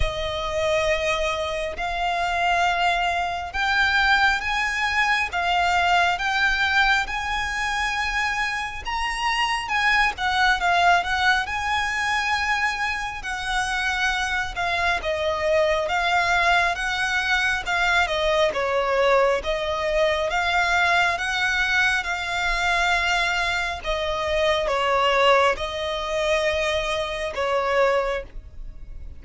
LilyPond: \new Staff \with { instrumentName = "violin" } { \time 4/4 \tempo 4 = 68 dis''2 f''2 | g''4 gis''4 f''4 g''4 | gis''2 ais''4 gis''8 fis''8 | f''8 fis''8 gis''2 fis''4~ |
fis''8 f''8 dis''4 f''4 fis''4 | f''8 dis''8 cis''4 dis''4 f''4 | fis''4 f''2 dis''4 | cis''4 dis''2 cis''4 | }